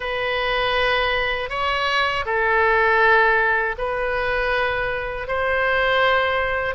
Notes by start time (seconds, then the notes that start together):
0.00 B4
1.49 C#5
2.25 A4
3.78 B4
5.27 C5